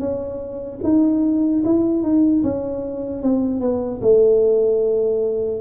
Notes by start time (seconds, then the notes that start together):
0.00 C#4
0.83 D#4
1.65 E4
2.03 D#4
2.43 C#4
3.23 C4
3.60 B3
4.02 A3